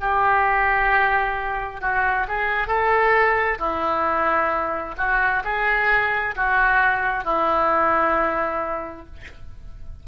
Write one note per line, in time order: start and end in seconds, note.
0.00 1.81 G4
1.81 2.27 F#4
2.28 2.68 G#4
2.68 3.59 A4
3.59 4.95 E4
4.98 5.43 F#4
5.44 6.35 G#4
6.36 7.24 F#4
7.24 9.06 E4